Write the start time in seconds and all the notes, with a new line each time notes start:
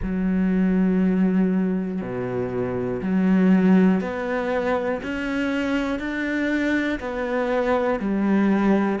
0.02 F#3
2.00 B2
3.02 F#3
4.00 B3
5.02 C#4
5.99 D4
7.00 B3
8.00 G3